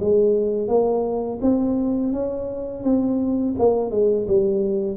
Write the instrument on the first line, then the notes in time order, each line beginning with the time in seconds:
tuba
0.00 G#3
0.68 A#3
1.42 C4
2.13 C#4
2.83 C4
3.58 A#3
3.91 G#3
4.27 G3